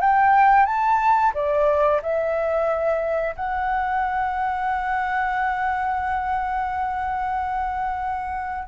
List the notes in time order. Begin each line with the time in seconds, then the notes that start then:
0.00 G5
0.65 A5
1.34 D5
2.02 E5
3.35 F#5